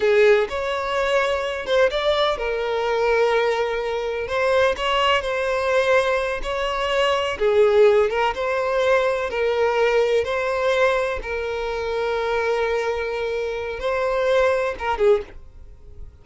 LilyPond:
\new Staff \with { instrumentName = "violin" } { \time 4/4 \tempo 4 = 126 gis'4 cis''2~ cis''8 c''8 | d''4 ais'2.~ | ais'4 c''4 cis''4 c''4~ | c''4. cis''2 gis'8~ |
gis'4 ais'8 c''2 ais'8~ | ais'4. c''2 ais'8~ | ais'1~ | ais'4 c''2 ais'8 gis'8 | }